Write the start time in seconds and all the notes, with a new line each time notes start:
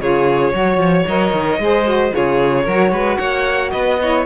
0.00 C#3 F4 G#4 C#5
0.53 F#3 F#4 C#5
0.77 F3
1.07 F#3 A#4 D#5
1.33 D#3
1.59 G#3 G#4 C5
1.85 F#4
2.11 F4 G#4 C#5
2.17 C#3
2.64 F#3 F#4 A#4
2.91 G#3 B4
3.17 A#3 C#5 F#5
3.71 B3 B4 D#5
4.01 E4 C#5